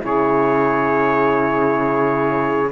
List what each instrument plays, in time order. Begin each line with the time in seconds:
0.00 cello C#3, horn E4, saxophone G#4, trumpet C#5